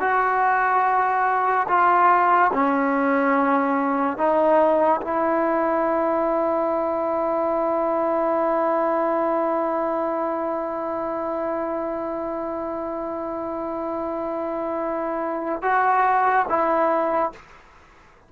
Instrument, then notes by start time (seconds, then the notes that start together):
trombone
0.00 F#4
1.68 F4
2.53 C#4
4.17 D#4
5.02 E4
15.62 F#4
16.48 E4